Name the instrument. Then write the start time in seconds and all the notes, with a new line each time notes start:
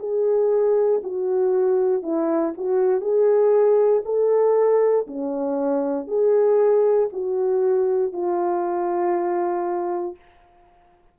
horn
0.00 G#4
1.04 F#4
2.03 E4
2.58 F#4
3.01 G#4
4.05 A4
5.08 C#4
6.08 G#4
7.13 F#4
8.13 F4